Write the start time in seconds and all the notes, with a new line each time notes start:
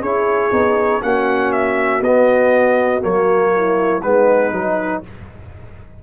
0.00 C#4 E4 G#4 C#5
0.52 B3 D#4
1.02 A#3 C#4 F#4 F#5
1.52 E5
2.01 B3 D#5
3.01 F#3 A#3 C#5
3.56 E4
4.02 G#3 B3 D#4 B4
4.52 F#3 D#4